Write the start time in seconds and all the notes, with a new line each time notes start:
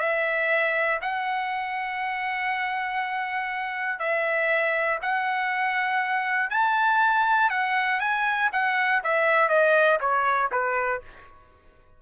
0.00 E5
1.02 F#5
4.00 E5
5.02 F#5
6.50 A5
7.50 F#5
8.00 G#5
8.53 F#5
9.04 E5
9.49 D#5
10.01 C#5
10.52 B4